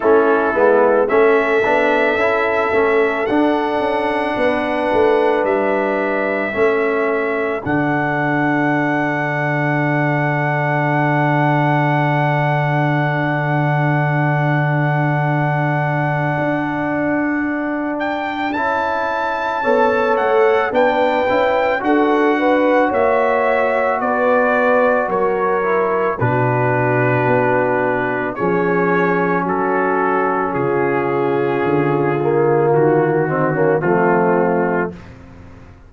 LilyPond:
<<
  \new Staff \with { instrumentName = "trumpet" } { \time 4/4 \tempo 4 = 55 a'4 e''2 fis''4~ | fis''4 e''2 fis''4~ | fis''1~ | fis''1~ |
fis''8 g''8 a''4. fis''8 g''4 | fis''4 e''4 d''4 cis''4 | b'2 cis''4 a'4 | gis'2 fis'4 f'4 | }
  \new Staff \with { instrumentName = "horn" } { \time 4/4 e'4 a'2. | b'2 a'2~ | a'1~ | a'1~ |
a'2 cis''4 b'4 | a'8 b'8 cis''4 b'4 ais'4 | fis'2 gis'4 fis'4 | f'2~ f'8 dis'16 cis'16 c'4 | }
  \new Staff \with { instrumentName = "trombone" } { \time 4/4 cis'8 b8 cis'8 d'8 e'8 cis'8 d'4~ | d'2 cis'4 d'4~ | d'1~ | d'1~ |
d'4 e'4 a'4 d'8 e'8 | fis'2.~ fis'8 e'8 | d'2 cis'2~ | cis'4. ais4 c'16 ais16 a4 | }
  \new Staff \with { instrumentName = "tuba" } { \time 4/4 a8 gis8 a8 b8 cis'8 a8 d'8 cis'8 | b8 a8 g4 a4 d4~ | d1~ | d2. d'4~ |
d'4 cis'4 b8 a8 b8 cis'8 | d'4 ais4 b4 fis4 | b,4 b4 f4 fis4 | cis4 d4 dis4 f4 | }
>>